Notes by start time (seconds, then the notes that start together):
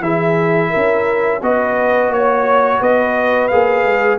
0.00 E3 E4 G#4 E5
0.70 C#4 A#4
1.42 B3 F#4 B4 D#5
2.09 A#3 C#5
2.80 B3 B4 D#5
3.48 A#3 G#4 F5
3.84 G#3